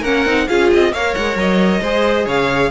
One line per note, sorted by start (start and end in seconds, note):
0.00 0.25 A#3
0.00 0.26 C#4
0.00 0.44 A#4
0.00 0.48 F#5
0.25 0.47 C4
0.25 0.48 D#4
0.48 0.72 C#4
0.48 0.93 F4
0.48 0.92 G#4
0.48 0.70 F5
0.74 0.92 C4
0.74 0.94 D#5
0.92 1.14 A#3
0.92 1.83 A#4
0.92 1.81 C#5
0.92 1.14 F5
1.14 1.36 G#3
1.14 1.36 F#5
1.36 1.80 F#3
1.36 2.28 D#5
1.81 2.26 G#3
1.81 2.71 G#4
1.81 2.25 C5
2.25 2.71 C#3
2.25 2.69 C#5
2.25 2.71 F5